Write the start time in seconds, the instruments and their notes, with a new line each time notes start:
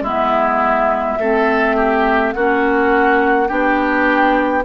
0.00 bassoon G#3, clarinet B3, oboe E4, flute E5
1.19 bassoon A3, clarinet C4, oboe A4
1.76 oboe G4
2.32 bassoon A#3, clarinet C#4, oboe F#4, flute F#5
3.47 bassoon B3, clarinet D4, oboe G4, flute G5